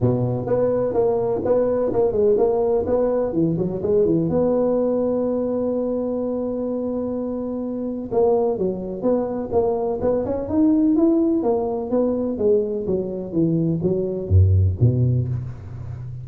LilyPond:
\new Staff \with { instrumentName = "tuba" } { \time 4/4 \tempo 4 = 126 b,4 b4 ais4 b4 | ais8 gis8 ais4 b4 e8 fis8 | gis8 e8 b2.~ | b1~ |
b4 ais4 fis4 b4 | ais4 b8 cis'8 dis'4 e'4 | ais4 b4 gis4 fis4 | e4 fis4 fis,4 b,4 | }